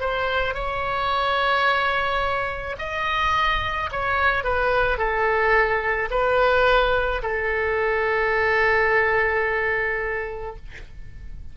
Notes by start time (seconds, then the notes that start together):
0.00 C5
0.54 C#5
2.79 D#5
3.92 C#5
4.44 B4
4.98 A4
6.11 B4
7.23 A4